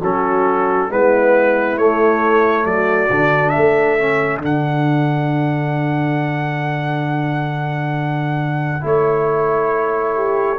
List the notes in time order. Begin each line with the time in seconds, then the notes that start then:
0.00 F#3 C#4 F#4 A4
0.89 G#3 B3 E4 B4
1.77 A3 C#5
2.65 F#3 F#4 D5
3.10 D3 D4
3.49 A4 E5
3.56 A3
3.99 C#4
4.37 D3 D4
4.44 F#5
8.80 A3 E4 C#5
10.15 G4